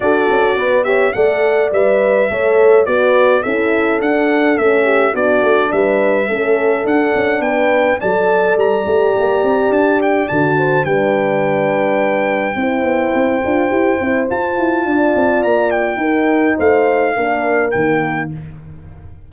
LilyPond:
<<
  \new Staff \with { instrumentName = "trumpet" } { \time 4/4 \tempo 4 = 105 d''4. e''8 fis''4 e''4~ | e''4 d''4 e''4 fis''4 | e''4 d''4 e''2 | fis''4 g''4 a''4 ais''4~ |
ais''4 a''8 g''8 a''4 g''4~ | g''1~ | g''4 a''2 ais''8 g''8~ | g''4 f''2 g''4 | }
  \new Staff \with { instrumentName = "horn" } { \time 4/4 a'4 b'8 cis''8 d''2 | cis''4 b'4 a'2~ | a'8 g'8 fis'4 b'4 a'4~ | a'4 b'4 d''2~ |
d''2~ d''8 c''8 b'4~ | b'2 c''2~ | c''2 d''2 | ais'4 c''4 ais'2 | }
  \new Staff \with { instrumentName = "horn" } { \time 4/4 fis'4. g'8 a'4 b'4 | a'4 fis'4 e'4 d'4 | cis'4 d'2 cis'4 | d'2 a'4. g'8~ |
g'2 fis'4 d'4~ | d'2 e'4. f'8 | g'8 e'8 f'2. | dis'2 d'4 ais4 | }
  \new Staff \with { instrumentName = "tuba" } { \time 4/4 d'8 cis'8 b4 a4 g4 | a4 b4 cis'4 d'4 | a4 b8 a8 g4 a4 | d'8 cis'8 b4 fis4 g8 a8 |
ais8 c'8 d'4 d4 g4~ | g2 c'8 b8 c'8 d'8 | e'8 c'8 f'8 e'8 d'8 c'8 ais4 | dis'4 a4 ais4 dis4 | }
>>